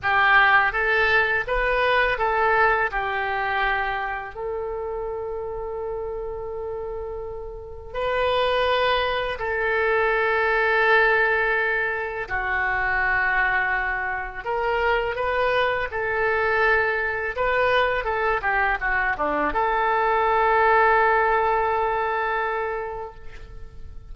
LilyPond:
\new Staff \with { instrumentName = "oboe" } { \time 4/4 \tempo 4 = 83 g'4 a'4 b'4 a'4 | g'2 a'2~ | a'2. b'4~ | b'4 a'2.~ |
a'4 fis'2. | ais'4 b'4 a'2 | b'4 a'8 g'8 fis'8 d'8 a'4~ | a'1 | }